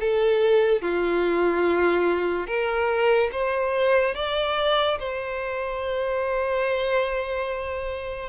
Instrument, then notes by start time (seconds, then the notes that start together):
violin
0.00 A4
0.81 F4
2.47 A#4
3.31 C5
4.15 D5
4.99 C5